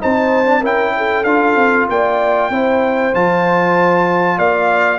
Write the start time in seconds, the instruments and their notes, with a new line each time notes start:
0.00 tuba C4, trombone D#4, horn C5, trumpet A5
0.45 trombone D4
0.60 tuba C#4, trombone E4, horn A#4, trumpet G5
0.97 horn A4
1.24 tuba D4, trombone F4, trumpet F5
1.55 tuba C4
1.89 tuba A#3, horn D5, trumpet G5
2.50 tuba C4, trombone E4, horn C5
3.13 tuba F3, trombone F4, trumpet A5
4.38 tuba A#3, horn D5, trumpet F5